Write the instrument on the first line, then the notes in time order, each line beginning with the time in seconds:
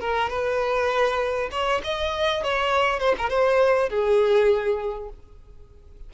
violin
0.00 A#4
0.29 B4
1.51 C#5
1.84 D#5
2.44 C#5
3.00 C5
3.18 A#4
3.29 C5
3.89 G#4